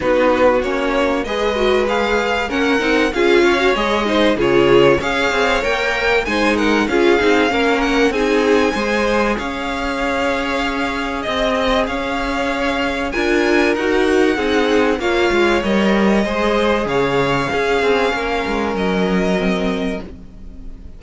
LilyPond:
<<
  \new Staff \with { instrumentName = "violin" } { \time 4/4 \tempo 4 = 96 b'4 cis''4 dis''4 f''4 | fis''4 f''4 dis''4 cis''4 | f''4 g''4 gis''8 fis''8 f''4~ | f''8 fis''8 gis''2 f''4~ |
f''2 dis''4 f''4~ | f''4 gis''4 fis''2 | f''4 dis''2 f''4~ | f''2 dis''2 | }
  \new Staff \with { instrumentName = "violin" } { \time 4/4 fis'2 b'2 | ais'4 gis'8 cis''4 c''8 gis'4 | cis''2 c''8 ais'8 gis'4 | ais'4 gis'4 c''4 cis''4~ |
cis''2 dis''4 cis''4~ | cis''4 ais'2 gis'4 | cis''2 c''4 cis''4 | gis'4 ais'2. | }
  \new Staff \with { instrumentName = "viola" } { \time 4/4 dis'4 cis'4 gis'8 fis'8 gis'4 | cis'8 dis'8 f'8. fis'16 gis'8 dis'8 f'4 | gis'4 ais'4 dis'4 f'8 dis'8 | cis'4 dis'4 gis'2~ |
gis'1~ | gis'4 f'4 fis'4 dis'4 | f'4 ais'4 gis'2 | cis'2. c'4 | }
  \new Staff \with { instrumentName = "cello" } { \time 4/4 b4 ais4 gis2 | ais8 c'8 cis'4 gis4 cis4 | cis'8 c'8 ais4 gis4 cis'8 c'8 | ais4 c'4 gis4 cis'4~ |
cis'2 c'4 cis'4~ | cis'4 d'4 dis'4 c'4 | ais8 gis8 g4 gis4 cis4 | cis'8 c'8 ais8 gis8 fis2 | }
>>